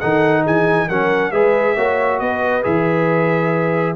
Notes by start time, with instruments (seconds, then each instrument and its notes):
0.00 tuba D#3, trombone D#4, horn A4, trumpet F#5
0.42 tuba E3, horn G#4, trumpet G#5
0.87 tuba F#3, trombone C#4, horn A#4, trumpet F#5
1.31 tuba G#3, trombone G#4, horn B4, trumpet E5
1.75 tuba A#3, trombone F#4, horn C#5
2.19 tuba B3, horn B4, trumpet D#5
2.63 tuba E3, trombone G#4, trumpet E5